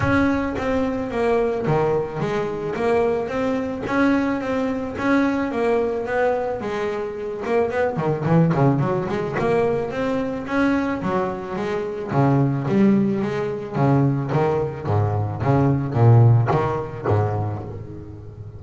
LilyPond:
\new Staff \with { instrumentName = "double bass" } { \time 4/4 \tempo 4 = 109 cis'4 c'4 ais4 dis4 | gis4 ais4 c'4 cis'4 | c'4 cis'4 ais4 b4 | gis4. ais8 b8 dis8 e8 cis8 |
fis8 gis8 ais4 c'4 cis'4 | fis4 gis4 cis4 g4 | gis4 cis4 dis4 gis,4 | cis4 ais,4 dis4 gis,4 | }